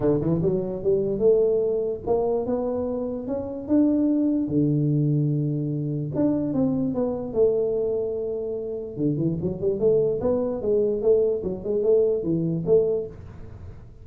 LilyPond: \new Staff \with { instrumentName = "tuba" } { \time 4/4 \tempo 4 = 147 d8 e8 fis4 g4 a4~ | a4 ais4 b2 | cis'4 d'2 d4~ | d2. d'4 |
c'4 b4 a2~ | a2 d8 e8 fis8 g8 | a4 b4 gis4 a4 | fis8 gis8 a4 e4 a4 | }